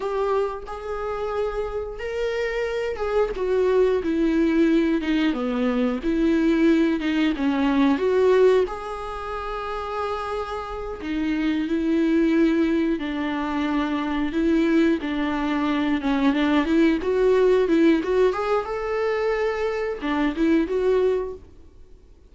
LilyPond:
\new Staff \with { instrumentName = "viola" } { \time 4/4 \tempo 4 = 90 g'4 gis'2 ais'4~ | ais'8 gis'8 fis'4 e'4. dis'8 | b4 e'4. dis'8 cis'4 | fis'4 gis'2.~ |
gis'8 dis'4 e'2 d'8~ | d'4. e'4 d'4. | cis'8 d'8 e'8 fis'4 e'8 fis'8 gis'8 | a'2 d'8 e'8 fis'4 | }